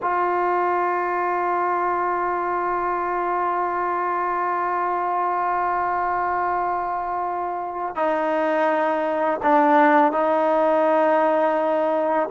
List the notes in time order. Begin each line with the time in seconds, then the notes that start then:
0.02 F4
7.95 D#4
9.42 D4
10.12 D#4